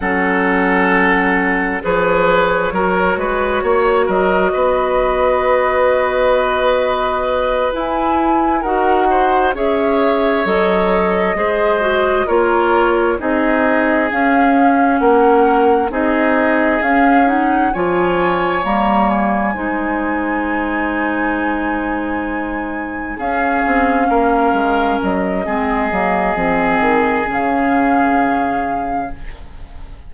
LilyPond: <<
  \new Staff \with { instrumentName = "flute" } { \time 4/4 \tempo 4 = 66 fis''2 cis''2~ | cis''8 dis''2.~ dis''8~ | dis''8 gis''4 fis''4 e''4 dis''8~ | dis''4. cis''4 dis''4 f''8~ |
f''8 fis''4 dis''4 f''8 fis''8 gis''8~ | gis''8 ais''8 gis''2.~ | gis''4. f''2 dis''8~ | dis''2 f''2 | }
  \new Staff \with { instrumentName = "oboe" } { \time 4/4 a'2 b'4 ais'8 b'8 | cis''8 ais'8 b'2.~ | b'4. ais'8 c''8 cis''4.~ | cis''8 c''4 ais'4 gis'4.~ |
gis'8 ais'4 gis'2 cis''8~ | cis''4. c''2~ c''8~ | c''4. gis'4 ais'4. | gis'1 | }
  \new Staff \with { instrumentName = "clarinet" } { \time 4/4 cis'2 gis'4 fis'4~ | fis'1~ | fis'8 e'4 fis'4 gis'4 a'8~ | a'8 gis'8 fis'8 f'4 dis'4 cis'8~ |
cis'4. dis'4 cis'8 dis'8 f'8~ | f'8 ais4 dis'2~ dis'8~ | dis'4. cis'2~ cis'8 | c'8 ais8 c'4 cis'2 | }
  \new Staff \with { instrumentName = "bassoon" } { \time 4/4 fis2 f4 fis8 gis8 | ais8 fis8 b2.~ | b8 e'4 dis'4 cis'4 fis8~ | fis8 gis4 ais4 c'4 cis'8~ |
cis'8 ais4 c'4 cis'4 f8~ | f8 g4 gis2~ gis8~ | gis4. cis'8 c'8 ais8 gis8 fis8 | gis8 fis8 f8 dis8 cis2 | }
>>